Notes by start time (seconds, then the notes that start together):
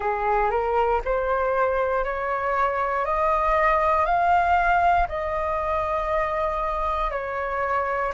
0.00 G#4
0.50 A#4
1.04 C5
2.04 C#5
3.05 D#5
4.05 F5
5.08 D#5
7.10 C#5